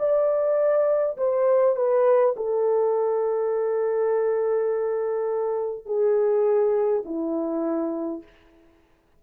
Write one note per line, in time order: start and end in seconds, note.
0.00 1.18 D5
1.18 1.76 C5
1.76 2.35 B4
2.37 5.86 A4
5.86 7.04 G#4
7.06 8.24 E4